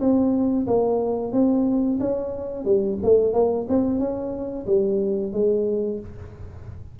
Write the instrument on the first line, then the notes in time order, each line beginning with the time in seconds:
tuba
0.00 C4
0.67 A#3
1.33 C4
2.00 C#4
2.65 G3
3.03 A3
3.34 A#3
3.69 C4
3.99 C#4
4.67 G3
5.33 G#3